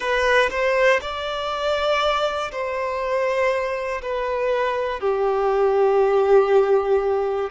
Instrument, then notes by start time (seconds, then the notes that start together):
violin
0.00 B4
0.50 C5
1.00 D5
2.51 C5
4.01 B4
5.00 G4